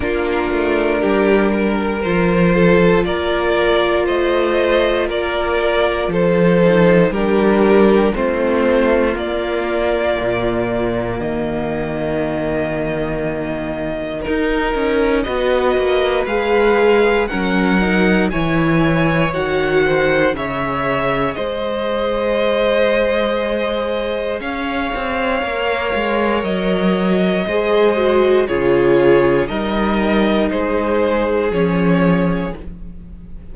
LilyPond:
<<
  \new Staff \with { instrumentName = "violin" } { \time 4/4 \tempo 4 = 59 ais'2 c''4 d''4 | dis''4 d''4 c''4 ais'4 | c''4 d''2 dis''4~ | dis''2 ais'4 dis''4 |
f''4 fis''4 gis''4 fis''4 | e''4 dis''2. | f''2 dis''2 | cis''4 dis''4 c''4 cis''4 | }
  \new Staff \with { instrumentName = "violin" } { \time 4/4 f'4 g'8 ais'4 a'8 ais'4 | c''4 ais'4 a'4 g'4 | f'2. fis'4~ | fis'2. b'4~ |
b'4 ais'4 cis''4. c''8 | cis''4 c''2. | cis''2. c''4 | gis'4 ais'4 gis'2 | }
  \new Staff \with { instrumentName = "viola" } { \time 4/4 d'2 f'2~ | f'2~ f'8 dis'8 d'4 | c'4 ais2.~ | ais2 dis'4 fis'4 |
gis'4 cis'8 dis'8 e'4 fis'4 | gis'1~ | gis'4 ais'2 gis'8 fis'8 | f'4 dis'2 cis'4 | }
  \new Staff \with { instrumentName = "cello" } { \time 4/4 ais8 a8 g4 f4 ais4 | a4 ais4 f4 g4 | a4 ais4 ais,4 dis4~ | dis2 dis'8 cis'8 b8 ais8 |
gis4 fis4 e4 dis4 | cis4 gis2. | cis'8 c'8 ais8 gis8 fis4 gis4 | cis4 g4 gis4 f4 | }
>>